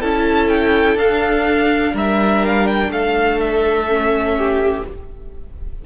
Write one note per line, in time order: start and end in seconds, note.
0.00 0.96 C#4
0.00 0.99 E4
0.00 1.94 A4
0.00 0.49 A5
0.49 0.97 G5
0.96 1.92 D4
0.96 3.88 D4
0.96 1.95 F5
1.94 2.89 G3
1.94 2.91 A#4
1.94 2.46 E5
2.46 2.67 F5
2.67 2.91 G5
2.89 4.82 A3
2.89 4.38 A4
2.89 3.40 F5
3.40 4.85 E5
3.88 4.85 C#4
4.38 4.86 G4